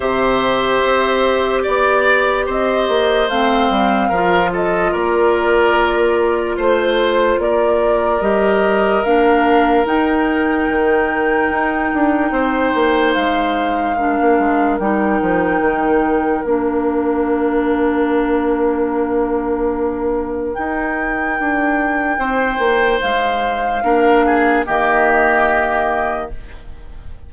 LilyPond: <<
  \new Staff \with { instrumentName = "flute" } { \time 4/4 \tempo 4 = 73 e''2 d''4 dis''4 | f''4. dis''8 d''2 | c''4 d''4 dis''4 f''4 | g''1 |
f''2 g''2 | f''1~ | f''4 g''2. | f''2 dis''2 | }
  \new Staff \with { instrumentName = "oboe" } { \time 4/4 c''2 d''4 c''4~ | c''4 ais'8 a'8 ais'2 | c''4 ais'2.~ | ais'2. c''4~ |
c''4 ais'2.~ | ais'1~ | ais'2. c''4~ | c''4 ais'8 gis'8 g'2 | }
  \new Staff \with { instrumentName = "clarinet" } { \time 4/4 g'1 | c'4 f'2.~ | f'2 g'4 d'4 | dis'1~ |
dis'4 d'4 dis'2 | d'1~ | d'4 dis'2.~ | dis'4 d'4 ais2 | }
  \new Staff \with { instrumentName = "bassoon" } { \time 4/4 c4 c'4 b4 c'8 ais8 | a8 g8 f4 ais2 | a4 ais4 g4 ais4 | dis'4 dis4 dis'8 d'8 c'8 ais8 |
gis4~ gis16 ais16 gis8 g8 f8 dis4 | ais1~ | ais4 dis'4 d'4 c'8 ais8 | gis4 ais4 dis2 | }
>>